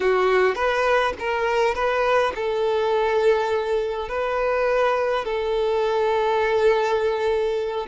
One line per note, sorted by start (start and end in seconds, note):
0.00 0.55 F#4
0.55 1.13 B4
1.19 1.74 A#4
1.74 2.32 B4
2.35 4.08 A4
4.08 5.24 B4
5.24 7.86 A4